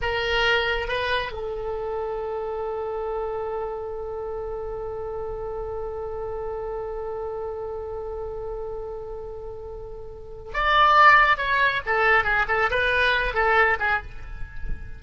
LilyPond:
\new Staff \with { instrumentName = "oboe" } { \time 4/4 \tempo 4 = 137 ais'2 b'4 a'4~ | a'1~ | a'1~ | a'1~ |
a'1~ | a'1 | d''2 cis''4 a'4 | gis'8 a'8 b'4. a'4 gis'8 | }